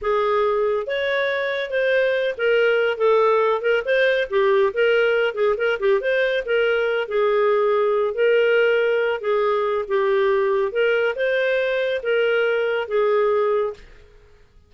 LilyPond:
\new Staff \with { instrumentName = "clarinet" } { \time 4/4 \tempo 4 = 140 gis'2 cis''2 | c''4. ais'4. a'4~ | a'8 ais'8 c''4 g'4 ais'4~ | ais'8 gis'8 ais'8 g'8 c''4 ais'4~ |
ais'8 gis'2~ gis'8 ais'4~ | ais'4. gis'4. g'4~ | g'4 ais'4 c''2 | ais'2 gis'2 | }